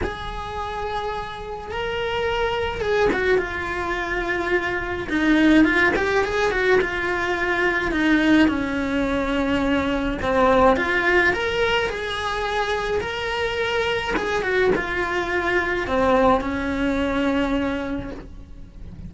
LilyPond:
\new Staff \with { instrumentName = "cello" } { \time 4/4 \tempo 4 = 106 gis'2. ais'4~ | ais'4 gis'8 fis'8 f'2~ | f'4 dis'4 f'8 g'8 gis'8 fis'8 | f'2 dis'4 cis'4~ |
cis'2 c'4 f'4 | ais'4 gis'2 ais'4~ | ais'4 gis'8 fis'8 f'2 | c'4 cis'2. | }